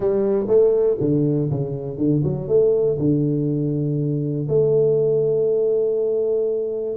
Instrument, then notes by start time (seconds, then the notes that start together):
tuba
0.00 G3
0.47 A3
1.00 D3
1.50 C#3
1.97 D3
2.23 F#3
2.47 A3
2.98 D3
4.48 A3